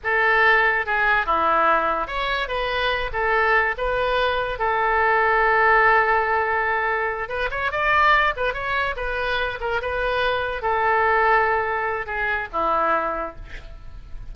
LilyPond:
\new Staff \with { instrumentName = "oboe" } { \time 4/4 \tempo 4 = 144 a'2 gis'4 e'4~ | e'4 cis''4 b'4. a'8~ | a'4 b'2 a'4~ | a'1~ |
a'4. b'8 cis''8 d''4. | b'8 cis''4 b'4. ais'8 b'8~ | b'4. a'2~ a'8~ | a'4 gis'4 e'2 | }